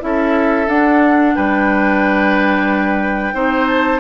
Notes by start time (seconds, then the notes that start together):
0.00 C#4 E4 A4 E5
0.68 D4 F#5
1.35 G3 B4 G5
3.33 C4 D#4 C5
3.67 A5